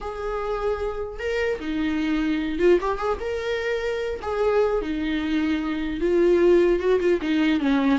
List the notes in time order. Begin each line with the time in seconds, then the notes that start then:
0.00 G#4
1.19 A#4
1.60 D#4
2.59 F4
2.80 G4
2.97 G#4
3.20 A#4
4.21 G#4
4.81 D#4
6.00 F4
6.79 F#4
7.00 F4
7.21 D#4
7.59 C#4